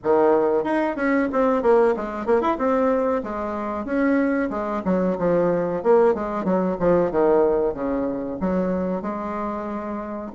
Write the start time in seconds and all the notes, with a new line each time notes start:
0.03 D#3
0.64 D#4
0.95 C#4
1.32 C4
1.62 A#3
1.96 G#3
2.26 A#3
2.41 E4
2.58 C4
3.23 G#3
3.85 C#4
4.50 G#3
4.84 F#3
5.18 F3
5.83 A#3
6.14 G#3
6.44 F#3
6.79 F3
7.11 D#3
7.74 C#3
8.40 F#3
9.01 G#3